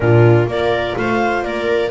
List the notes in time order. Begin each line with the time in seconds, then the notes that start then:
0.00 A#2 D4 F4 A#4
0.46 A#3 F4 A#4 D5
0.96 A3 C5 F5
1.42 A#3 A#4 D5